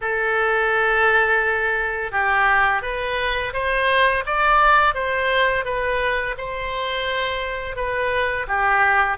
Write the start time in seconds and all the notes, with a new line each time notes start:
0.01 A4
2.11 G4
2.82 B4
3.53 C5
4.26 D5
4.94 C5
5.64 B4
6.37 C5
7.76 B4
8.47 G4